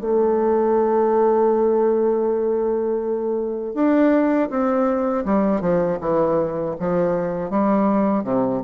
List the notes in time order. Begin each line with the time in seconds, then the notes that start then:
0.00 A3
3.74 D4
4.49 C4
5.25 G3
5.60 F3
6.00 E3
6.79 F3
7.50 G3
8.23 C3